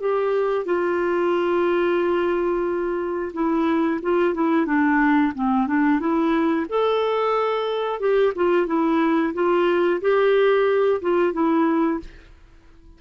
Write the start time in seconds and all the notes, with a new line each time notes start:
0.00 G4
0.65 F4
3.33 E4
4.02 F4
4.34 E4
4.66 D4
5.35 C4
5.67 D4
5.99 E4
6.69 A4
8.00 G4
8.35 F4
8.66 E4
9.34 F4
10.01 G4
11.01 F4
11.33 E4